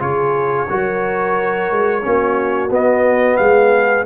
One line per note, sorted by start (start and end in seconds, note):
0.00 0.68 C#3
0.00 0.67 F4
0.00 0.70 G#4
0.00 2.71 C#5
0.70 1.71 F#3
0.70 2.02 F#4
0.70 2.04 A#4
1.71 2.05 G#3
2.02 2.71 A#3
2.02 2.69 C#4
2.02 3.39 F#4
2.71 3.38 B3
2.71 4.06 B3
2.71 3.37 D#5
3.37 4.06 G#3
3.37 4.06 G#4
3.37 4.05 F5